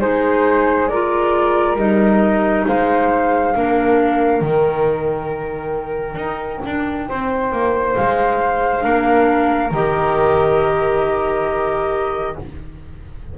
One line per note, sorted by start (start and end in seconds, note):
0.00 1.76 G#3
0.00 0.88 D#4
0.00 0.90 G#4
0.00 0.88 C5
0.88 1.77 F4
0.88 2.66 A#4
0.88 1.76 D5
1.76 2.64 G3
1.76 3.54 D#4
1.76 2.65 D#5
2.67 3.55 G#3
2.67 3.55 C5
2.67 4.42 F5
3.55 4.41 A#3
3.55 4.42 D4
3.55 7.08 A#4
4.41 6.15 D#3
4.41 8.80 D#4
4.41 7.95 G5
6.15 6.59 D#4
6.65 7.09 D4
7.08 7.52 C4
7.08 8.84 C5
7.52 7.96 A#3
7.95 8.84 G#3
7.95 9.72 F5
8.80 9.71 A#3
8.80 9.69 D4
8.80 12.37 A#4
9.71 12.36 D#3
9.71 12.38 G4
9.71 12.37 D#5